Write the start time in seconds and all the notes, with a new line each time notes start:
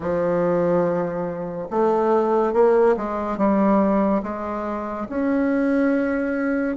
0.00 F3
1.70 A3
2.53 A#3
2.97 G#3
3.37 G3
4.23 G#3
5.09 C#4